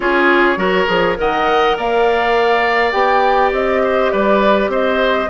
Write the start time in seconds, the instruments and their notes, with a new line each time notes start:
0.00 bassoon C#4, clarinet F4, oboe G#4, flute C#5
0.56 bassoon F#3, clarinet F#4, oboe A#4
0.86 bassoon F3, clarinet G#4
1.16 bassoon D#3, clarinet A#4, oboe D#5, flute F#5
1.77 bassoon A#3, oboe D5, flute F5
2.91 bassoon B3, clarinet G4, flute G5
3.52 bassoon C4, flute D#5
3.83 oboe C5
4.10 bassoon G3, oboe B4, flute D5
4.68 bassoon C4, oboe C5, flute D#5